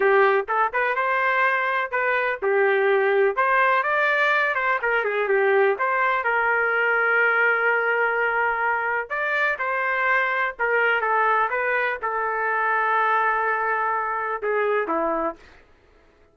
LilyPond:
\new Staff \with { instrumentName = "trumpet" } { \time 4/4 \tempo 4 = 125 g'4 a'8 b'8 c''2 | b'4 g'2 c''4 | d''4. c''8 ais'8 gis'8 g'4 | c''4 ais'2.~ |
ais'2. d''4 | c''2 ais'4 a'4 | b'4 a'2.~ | a'2 gis'4 e'4 | }